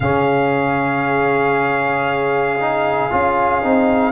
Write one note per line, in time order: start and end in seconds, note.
0.00 3.10 C#3
0.00 2.59 C#4
0.00 4.11 G#4
0.00 4.11 F5
2.59 3.10 D#4
3.10 3.63 C#4
3.10 3.62 F4
3.62 4.11 C4
3.62 4.11 D#4